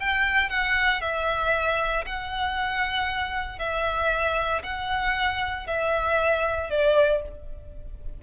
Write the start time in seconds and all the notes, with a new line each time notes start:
0.00 G5
0.50 F#5
1.02 E5
2.06 F#5
3.59 E5
4.63 F#5
5.67 E5
6.70 D5